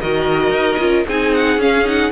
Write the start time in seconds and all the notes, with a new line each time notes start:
0.00 D#3 F#4 A#4 D#5
0.50 D#4
0.79 C#4 F4
1.07 C4 D#4 G#4 G#5
1.35 F#5
1.57 C#4 F5
1.85 D#4 F#5